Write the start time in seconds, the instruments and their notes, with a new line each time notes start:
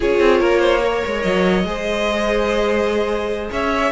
0.00 cello C#4, viola F4, violin G#4 C#5
0.19 cello C4
0.39 cello A#3, violin A#4
0.59 violin C5
0.82 viola A#4, violin C#5
1.06 cello G#3
1.21 cello F#3, violin D#5
1.63 cello G#3, viola G#4, violin C5
3.50 cello C#4, violin C#5 E5